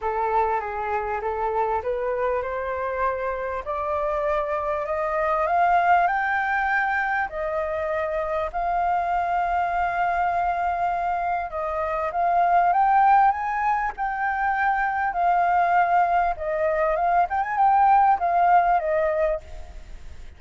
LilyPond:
\new Staff \with { instrumentName = "flute" } { \time 4/4 \tempo 4 = 99 a'4 gis'4 a'4 b'4 | c''2 d''2 | dis''4 f''4 g''2 | dis''2 f''2~ |
f''2. dis''4 | f''4 g''4 gis''4 g''4~ | g''4 f''2 dis''4 | f''8 g''16 gis''16 g''4 f''4 dis''4 | }